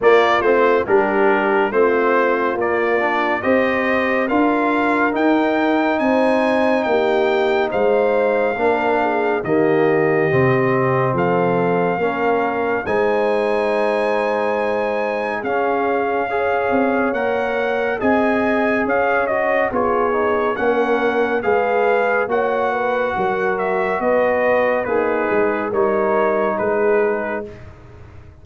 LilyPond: <<
  \new Staff \with { instrumentName = "trumpet" } { \time 4/4 \tempo 4 = 70 d''8 c''8 ais'4 c''4 d''4 | dis''4 f''4 g''4 gis''4 | g''4 f''2 dis''4~ | dis''4 f''2 gis''4~ |
gis''2 f''2 | fis''4 gis''4 f''8 dis''8 cis''4 | fis''4 f''4 fis''4. e''8 | dis''4 b'4 cis''4 b'4 | }
  \new Staff \with { instrumentName = "horn" } { \time 4/4 f'4 g'4 f'2 | c''4 ais'2 c''4 | g'4 c''4 ais'8 gis'8 g'4~ | g'4 a'4 ais'4 c''4~ |
c''2 gis'4 cis''4~ | cis''4 dis''4 cis''4 gis'4 | ais'4 b'4 cis''8 b'8 ais'4 | b'4 dis'4 ais'4 gis'4 | }
  \new Staff \with { instrumentName = "trombone" } { \time 4/4 ais8 c'8 d'4 c'4 ais8 d'8 | g'4 f'4 dis'2~ | dis'2 d'4 ais4 | c'2 cis'4 dis'4~ |
dis'2 cis'4 gis'4 | ais'4 gis'4. fis'8 f'8 dis'8 | cis'4 gis'4 fis'2~ | fis'4 gis'4 dis'2 | }
  \new Staff \with { instrumentName = "tuba" } { \time 4/4 ais8 a8 g4 a4 ais4 | c'4 d'4 dis'4 c'4 | ais4 gis4 ais4 dis4 | c4 f4 ais4 gis4~ |
gis2 cis'4. c'8 | ais4 c'4 cis'4 b4 | ais4 gis4 ais4 fis4 | b4 ais8 gis8 g4 gis4 | }
>>